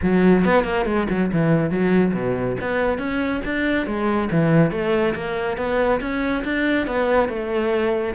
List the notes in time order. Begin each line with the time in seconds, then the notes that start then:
0.02 F#3
0.44 B3
0.64 A#3
0.85 G#3
1.09 F#3
1.32 E3
1.70 F#3
2.13 B2
2.60 B3
2.98 C#4
3.44 D4
3.86 G#3
4.31 E3
4.71 A3
5.14 A#3
5.57 B3
6.00 C#4
6.44 D4
6.86 B3
7.28 A3